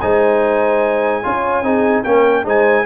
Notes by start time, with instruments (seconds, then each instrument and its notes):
0.00 tuba G#3, trombone D#4, horn C5, trumpet G#5
1.23 tuba C#4, trombone F4, horn C#5
1.62 tuba C4, trombone D#4, horn G#4
2.03 tuba A#3, trombone C#4, horn A#4, trumpet G5
2.44 tuba G#3, trombone D#4, horn C5, trumpet G#5